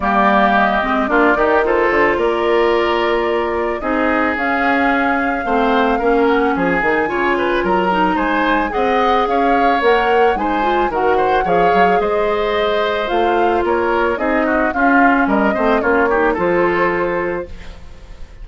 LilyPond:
<<
  \new Staff \with { instrumentName = "flute" } { \time 4/4 \tempo 4 = 110 d''4 dis''4 d''4 c''4 | d''2. dis''4 | f''2.~ f''8 fis''8 | gis''2 ais''4 gis''4 |
fis''4 f''4 fis''4 gis''4 | fis''4 f''4 dis''2 | f''4 cis''4 dis''4 f''4 | dis''4 cis''4 c''2 | }
  \new Staff \with { instrumentName = "oboe" } { \time 4/4 g'2 f'8 g'8 a'4 | ais'2. gis'4~ | gis'2 c''4 ais'4 | gis'4 cis''8 b'8 ais'4 c''4 |
dis''4 cis''2 c''4 | ais'8 c''8 cis''4 c''2~ | c''4 ais'4 gis'8 fis'8 f'4 | ais'8 c''8 f'8 g'8 a'2 | }
  \new Staff \with { instrumentName = "clarinet" } { \time 4/4 ais4. c'8 d'8 dis'8 f'4~ | f'2. dis'4 | cis'2 c'4 cis'4~ | cis'8 dis'8 f'4. dis'4. |
gis'2 ais'4 dis'8 f'8 | fis'4 gis'2. | f'2 dis'4 cis'4~ | cis'8 c'8 cis'8 dis'8 f'2 | }
  \new Staff \with { instrumentName = "bassoon" } { \time 4/4 g4. gis8 ais8 dis4 d8 | ais2. c'4 | cis'2 a4 ais4 | f8 dis8 cis4 fis4 gis4 |
c'4 cis'4 ais4 gis4 | dis4 f8 fis8 gis2 | a4 ais4 c'4 cis'4 | g8 a8 ais4 f2 | }
>>